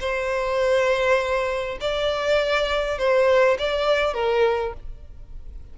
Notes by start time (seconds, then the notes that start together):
0.00 C5
1.81 D5
2.98 C5
3.59 D5
4.14 A#4